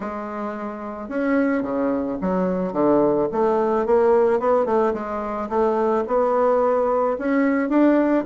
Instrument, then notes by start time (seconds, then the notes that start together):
bassoon
0.00 G#3
1.08 C#4
1.62 C#3
2.21 F#3
2.72 D3
3.32 A3
3.86 A#3
4.39 B3
4.65 A3
4.93 G#3
5.49 A3
6.07 B3
7.18 C#4
7.69 D4